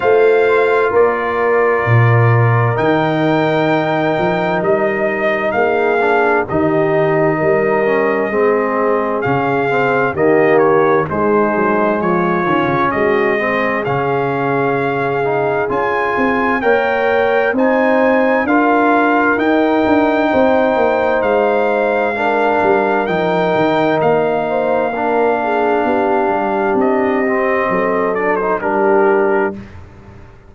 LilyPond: <<
  \new Staff \with { instrumentName = "trumpet" } { \time 4/4 \tempo 4 = 65 f''4 d''2 g''4~ | g''4 dis''4 f''4 dis''4~ | dis''2 f''4 dis''8 cis''8 | c''4 cis''4 dis''4 f''4~ |
f''4 gis''4 g''4 gis''4 | f''4 g''2 f''4~ | f''4 g''4 f''2~ | f''4 dis''4. d''16 c''16 ais'4 | }
  \new Staff \with { instrumentName = "horn" } { \time 4/4 c''4 ais'2.~ | ais'2 gis'4 g'4 | ais'4 gis'2 g'4 | dis'4 f'4 fis'8 gis'4.~ |
gis'2 cis''4 c''4 | ais'2 c''2 | ais'2~ ais'8 c''8 ais'8 gis'8 | g'2 a'4 g'4 | }
  \new Staff \with { instrumentName = "trombone" } { \time 4/4 f'2. dis'4~ | dis'2~ dis'8 d'8 dis'4~ | dis'8 cis'8 c'4 cis'8 c'8 ais4 | gis4. cis'4 c'8 cis'4~ |
cis'8 dis'8 f'4 ais'4 dis'4 | f'4 dis'2. | d'4 dis'2 d'4~ | d'4. c'4 d'16 dis'16 d'4 | }
  \new Staff \with { instrumentName = "tuba" } { \time 4/4 a4 ais4 ais,4 dis4~ | dis8 f8 g4 ais4 dis4 | g4 gis4 cis4 dis4 | gis8 fis8 f8 dis16 cis16 gis4 cis4~ |
cis4 cis'8 c'8 ais4 c'4 | d'4 dis'8 d'8 c'8 ais8 gis4~ | gis8 g8 f8 dis8 ais2 | b8 g8 c'4 fis4 g4 | }
>>